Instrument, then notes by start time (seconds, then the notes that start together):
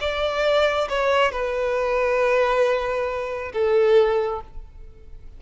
violin
0.00 D5
0.89 C#5
1.32 B4
3.53 A4